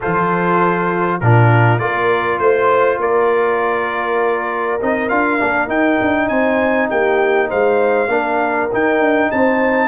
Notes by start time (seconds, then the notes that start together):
0.00 F3 F4 A4 C5
1.20 A#2 D4 F4 A#4
1.78 A#3 F4 A#4 D5
2.39 A3 C5
2.98 A#3 A#4 D5
4.80 C4 D#4 D#5
5.08 D4 F4 F5
5.39 A#3 D4
5.67 D#4 G5
6.01 D4
6.28 C4 C5 G#5
6.89 A#3 G4 G5
7.48 G#3 C5 F5
8.07 A#3 D4 A#4
8.72 D#4 G5
8.99 D4
9.31 C4 C5 A5